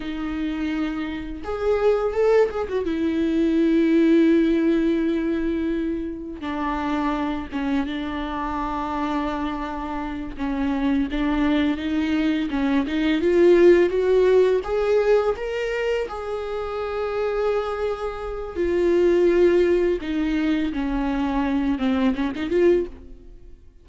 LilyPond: \new Staff \with { instrumentName = "viola" } { \time 4/4 \tempo 4 = 84 dis'2 gis'4 a'8 gis'16 fis'16 | e'1~ | e'4 d'4. cis'8 d'4~ | d'2~ d'8 cis'4 d'8~ |
d'8 dis'4 cis'8 dis'8 f'4 fis'8~ | fis'8 gis'4 ais'4 gis'4.~ | gis'2 f'2 | dis'4 cis'4. c'8 cis'16 dis'16 f'8 | }